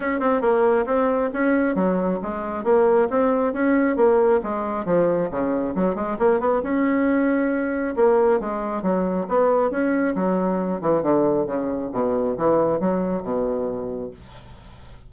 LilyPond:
\new Staff \with { instrumentName = "bassoon" } { \time 4/4 \tempo 4 = 136 cis'8 c'8 ais4 c'4 cis'4 | fis4 gis4 ais4 c'4 | cis'4 ais4 gis4 f4 | cis4 fis8 gis8 ais8 b8 cis'4~ |
cis'2 ais4 gis4 | fis4 b4 cis'4 fis4~ | fis8 e8 d4 cis4 b,4 | e4 fis4 b,2 | }